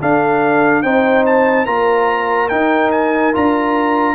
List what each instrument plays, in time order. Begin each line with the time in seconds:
0.00 trombone D4, tuba D4, horn A4, trumpet F5
0.82 tuba C4, trombone D#4, horn C5, trumpet G5
1.26 trumpet A5
1.65 tuba A#3, trombone F4, horn A#4, trumpet A#5
2.49 trombone D#4, tuba D#4, trumpet G5
2.91 trumpet G#5
3.33 tuba D4, trombone F4, trumpet A#5